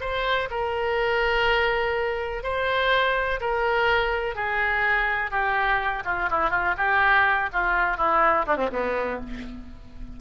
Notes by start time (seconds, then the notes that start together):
0.00 C5
0.50 A#4
2.43 C5
3.40 A#4
4.35 G#4
5.30 G4
6.05 F4
6.30 E4
6.50 F4
6.77 G4
7.53 F4
7.97 E4
8.46 D4
8.56 C4
8.72 B3